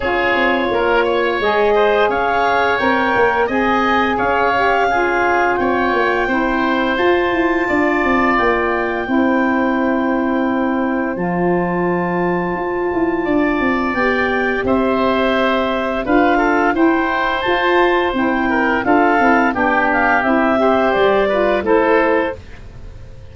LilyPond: <<
  \new Staff \with { instrumentName = "clarinet" } { \time 4/4 \tempo 4 = 86 cis''2 dis''4 f''4 | g''4 gis''4 f''2 | g''2 a''2 | g''1 |
a''1 | g''4 e''2 f''4 | g''4 a''4 g''4 f''4 | g''8 f''8 e''4 d''4 c''4 | }
  \new Staff \with { instrumentName = "oboe" } { \time 4/4 gis'4 ais'8 cis''4 c''8 cis''4~ | cis''4 dis''4 cis''4 gis'4 | cis''4 c''2 d''4~ | d''4 c''2.~ |
c''2. d''4~ | d''4 c''2 b'8 a'8 | c''2~ c''8 ais'8 a'4 | g'4. c''4 b'8 a'4 | }
  \new Staff \with { instrumentName = "saxophone" } { \time 4/4 f'2 gis'2 | ais'4 gis'4. g'8 f'4~ | f'4 e'4 f'2~ | f'4 e'2. |
f'1 | g'2. f'4 | e'4 f'4 e'4 f'8 e'8 | d'4 e'8 g'4 f'8 e'4 | }
  \new Staff \with { instrumentName = "tuba" } { \time 4/4 cis'8 c'8 ais4 gis4 cis'4 | c'8 ais8 c'4 cis'2 | c'8 ais8 c'4 f'8 e'8 d'8 c'8 | ais4 c'2. |
f2 f'8 e'8 d'8 c'8 | b4 c'2 d'4 | e'4 f'4 c'4 d'8 c'8 | b4 c'4 g4 a4 | }
>>